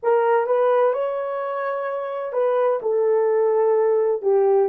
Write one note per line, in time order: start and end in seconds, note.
0.03 0.46 A#4
0.46 0.93 B4
0.93 2.32 C#5
2.32 2.79 B4
2.81 4.21 A4
4.21 4.68 G4